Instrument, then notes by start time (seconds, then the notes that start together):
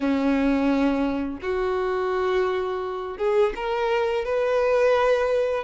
violin
0.00 C#4
1.42 F#4
3.17 G#4
3.55 A#4
4.24 B4